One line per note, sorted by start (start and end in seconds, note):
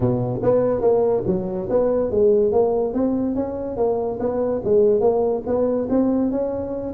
0.00 0.40 B2
0.43 0.81 B3
0.81 1.23 A#3
1.26 1.68 F#3
1.69 2.11 B3
2.11 2.52 G#3
2.52 2.93 A#3
2.93 3.35 C4
3.35 3.76 C#4
3.76 4.18 A#3
4.19 4.61 B3
4.64 5.00 G#3
5.00 5.42 A#3
5.46 5.88 B3
5.89 6.31 C4
6.31 6.94 C#4